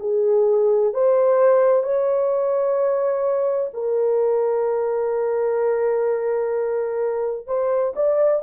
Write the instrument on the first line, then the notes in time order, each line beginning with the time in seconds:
horn
0.00 G#4
0.94 C5
1.84 C#5
3.74 A#4
7.47 C5
7.96 D5